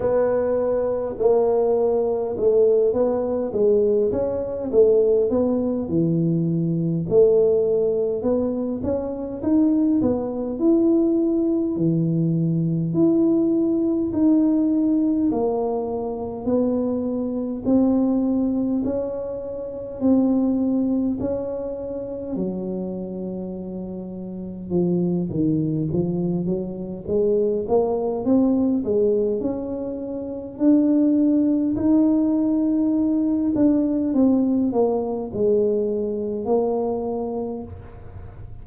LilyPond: \new Staff \with { instrumentName = "tuba" } { \time 4/4 \tempo 4 = 51 b4 ais4 a8 b8 gis8 cis'8 | a8 b8 e4 a4 b8 cis'8 | dis'8 b8 e'4 e4 e'4 | dis'4 ais4 b4 c'4 |
cis'4 c'4 cis'4 fis4~ | fis4 f8 dis8 f8 fis8 gis8 ais8 | c'8 gis8 cis'4 d'4 dis'4~ | dis'8 d'8 c'8 ais8 gis4 ais4 | }